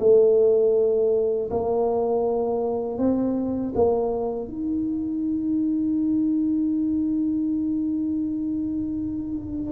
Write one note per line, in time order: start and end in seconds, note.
0.00 1.50 A3
1.51 2.98 A#3
2.98 3.73 C4
3.75 4.48 A#3
4.48 9.72 D#4